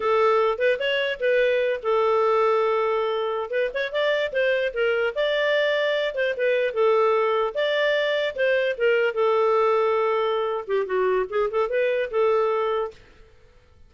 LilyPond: \new Staff \with { instrumentName = "clarinet" } { \time 4/4 \tempo 4 = 149 a'4. b'8 cis''4 b'4~ | b'8 a'2.~ a'8~ | a'8. b'8 cis''8 d''4 c''4 ais'16~ | ais'8. d''2~ d''8 c''8 b'16~ |
b'8. a'2 d''4~ d''16~ | d''8. c''4 ais'4 a'4~ a'16~ | a'2~ a'8 g'8 fis'4 | gis'8 a'8 b'4 a'2 | }